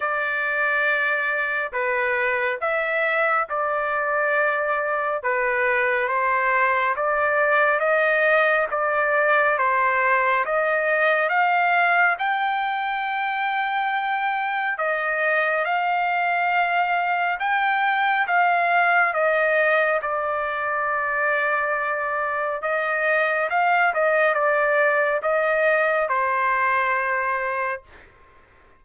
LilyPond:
\new Staff \with { instrumentName = "trumpet" } { \time 4/4 \tempo 4 = 69 d''2 b'4 e''4 | d''2 b'4 c''4 | d''4 dis''4 d''4 c''4 | dis''4 f''4 g''2~ |
g''4 dis''4 f''2 | g''4 f''4 dis''4 d''4~ | d''2 dis''4 f''8 dis''8 | d''4 dis''4 c''2 | }